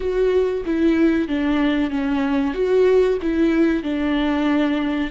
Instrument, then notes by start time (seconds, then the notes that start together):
viola
0.00 F#4
0.65 E4
1.28 D4
1.90 C#4
2.54 F#4
3.22 E4
3.83 D4